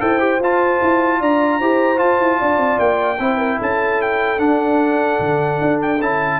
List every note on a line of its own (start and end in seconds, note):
0.00 0.40 E4
0.00 0.19 A4
0.00 1.20 C5
0.00 0.41 G5
0.19 0.39 G4
0.40 0.80 F4
0.40 1.62 F4
0.40 1.22 A5
0.82 1.21 E4
1.20 1.60 D4
1.20 1.60 D5
1.20 1.99 A#5
1.60 2.00 E4
1.60 1.96 G4
1.60 2.39 C5
1.96 3.16 F4
1.96 2.19 F4
1.96 2.79 A5
2.19 2.39 E4
2.39 2.58 D4
2.39 3.19 D5
2.58 2.78 C4
2.79 3.19 A#3
2.79 3.60 G5
3.19 3.59 C4
3.19 4.38 E4
3.19 3.38 C5
3.38 3.58 A#4
3.59 4.39 C#4
3.59 6.39 A4
3.59 4.02 A5
4.02 4.40 G5
4.38 5.98 D4
4.38 5.19 D4
4.38 5.79 F#5
5.20 5.60 D3
5.62 6.01 D4
5.82 6.02 G5
6.01 6.40 C#4
6.01 6.40 E4
6.01 6.40 A5